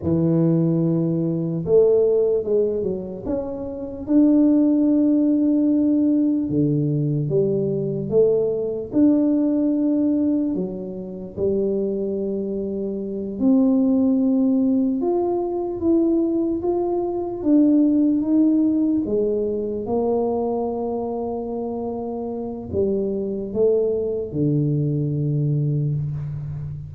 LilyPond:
\new Staff \with { instrumentName = "tuba" } { \time 4/4 \tempo 4 = 74 e2 a4 gis8 fis8 | cis'4 d'2. | d4 g4 a4 d'4~ | d'4 fis4 g2~ |
g8 c'2 f'4 e'8~ | e'8 f'4 d'4 dis'4 gis8~ | gis8 ais2.~ ais8 | g4 a4 d2 | }